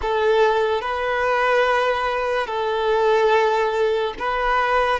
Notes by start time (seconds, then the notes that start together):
0.02 A4
0.81 B4
2.47 A4
4.19 B4